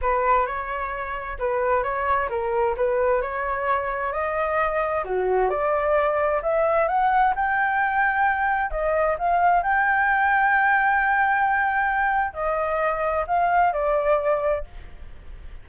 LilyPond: \new Staff \with { instrumentName = "flute" } { \time 4/4 \tempo 4 = 131 b'4 cis''2 b'4 | cis''4 ais'4 b'4 cis''4~ | cis''4 dis''2 fis'4 | d''2 e''4 fis''4 |
g''2. dis''4 | f''4 g''2.~ | g''2. dis''4~ | dis''4 f''4 d''2 | }